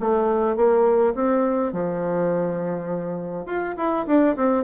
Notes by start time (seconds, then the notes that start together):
0.00 A3
0.56 A#3
1.14 C4
1.72 F3
3.46 F4
3.77 E4
4.06 D4
4.36 C4